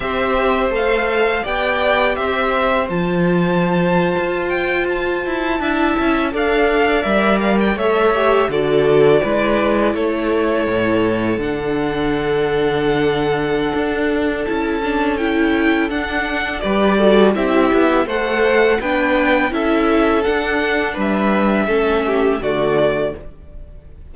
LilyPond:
<<
  \new Staff \with { instrumentName = "violin" } { \time 4/4 \tempo 4 = 83 e''4 f''4 g''4 e''4 | a''2~ a''16 g''8 a''4~ a''16~ | a''8. f''4 e''8 f''16 g''16 e''4 d''16~ | d''4.~ d''16 cis''2 fis''16~ |
fis''1 | a''4 g''4 fis''4 d''4 | e''4 fis''4 g''4 e''4 | fis''4 e''2 d''4 | }
  \new Staff \with { instrumentName = "violin" } { \time 4/4 c''2 d''4 c''4~ | c''2.~ c''8. e''16~ | e''8. d''2 cis''4 a'16~ | a'8. b'4 a'2~ a'16~ |
a'1~ | a'2. b'8 a'8 | g'4 c''4 b'4 a'4~ | a'4 b'4 a'8 g'8 fis'4 | }
  \new Staff \with { instrumentName = "viola" } { \time 4/4 g'4 a'4 g'2 | f'2.~ f'8. e'16~ | e'8. a'4 ais'4 a'8 g'8 fis'16~ | fis'8. e'2. d'16~ |
d'1 | e'8 d'8 e'4 d'4 g'8 fis'8 | e'4 a'4 d'4 e'4 | d'2 cis'4 a4 | }
  \new Staff \with { instrumentName = "cello" } { \time 4/4 c'4 a4 b4 c'4 | f4.~ f16 f'4. e'8 d'16~ | d'16 cis'8 d'4 g4 a4 d16~ | d8. gis4 a4 a,4 d16~ |
d2. d'4 | cis'2 d'4 g4 | c'8 b8 a4 b4 cis'4 | d'4 g4 a4 d4 | }
>>